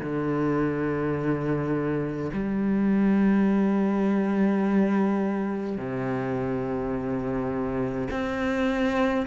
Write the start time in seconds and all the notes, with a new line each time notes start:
0.00 D3
2.33 G3
5.77 C3
8.11 C4